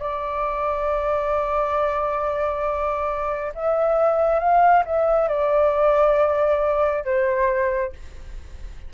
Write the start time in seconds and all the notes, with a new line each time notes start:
0.00 D5
3.55 E5
4.40 F5
4.85 E5
5.29 D5
7.05 C5